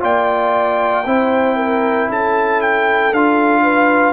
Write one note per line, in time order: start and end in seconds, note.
0.00 1.05 A#3
0.00 1.03 F4
0.00 1.05 D5
0.00 2.11 G5
1.05 2.09 C4
1.05 3.13 E4
1.05 1.56 C5
1.56 2.08 A#4
2.09 3.12 C#4
2.09 3.63 A4
2.09 2.61 A5
2.61 3.13 G5
3.12 4.13 D4
3.12 4.13 F4
3.12 4.13 F5
3.63 4.13 B4